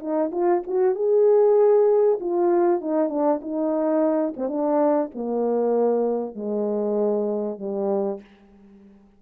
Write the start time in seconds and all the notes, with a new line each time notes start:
0.00 D#4
0.32 F4
0.67 F#4
0.96 G#4
2.21 F4
2.82 D#4
3.10 D4
3.42 D#4
4.37 C4
4.49 D4
5.15 A#3
6.35 G#3
7.59 G3